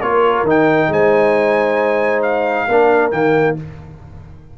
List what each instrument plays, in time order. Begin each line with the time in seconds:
0.00 tuba A#3, trombone F4, horn A#4, trumpet C#5
0.43 tuba D#3, trombone D#4
0.50 trumpet G5
0.88 tuba G#3, horn C5, trumpet G#5
2.22 trumpet F5
2.68 tuba A#3, trombone D4, horn A#4
3.11 tuba D#3, trombone A#3, trumpet G5